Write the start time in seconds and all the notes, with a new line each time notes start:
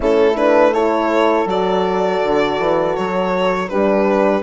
0.00 A3 C#4 E4 A4
0.35 D4 B4
0.73 E4 A4 C#5
1.45 F#3 F#4 D5
2.23 D3
2.58 E3
2.96 F#3 C#5
3.69 G3 D4 G4 B4